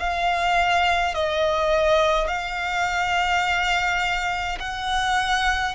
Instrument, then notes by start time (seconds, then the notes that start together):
violin
0.00 F5
1.15 D#5
2.28 F5
4.60 F#5